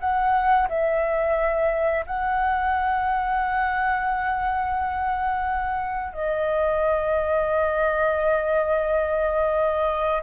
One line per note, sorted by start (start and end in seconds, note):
0.00 0.68 F#5
0.69 2.05 E5
2.07 6.13 F#5
6.13 10.22 D#5